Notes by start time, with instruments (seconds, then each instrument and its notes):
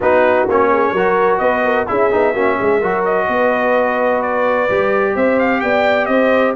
0.00 tuba B3, trombone D#4, horn F#4, trumpet B4
0.48 tuba A#3, trombone C#4, trumpet C#5
0.72 horn G#4
0.92 tuba F#3, trombone F#4, horn A#4
1.38 tuba B3, horn B4, trumpet D#5
1.64 horn A#4
1.86 tuba C#4, trombone E4, horn G#4, trumpet E5
2.11 tuba B3, trombone D#4
2.33 tuba A#3, trombone C#4, horn F#4
2.58 tuba G#3, horn G#4
2.79 tuba F#3, trombone F#4, horn A#4
3.05 trumpet D#5
3.27 tuba B3, horn B4
4.21 trumpet D5
4.70 tuba G3, trombone G4
5.14 tuba C4, horn C5, trumpet E5
5.39 trumpet F5
5.60 tuba B3, horn D5, trumpet G5
6.05 tuba C4, horn C5, trumpet D#5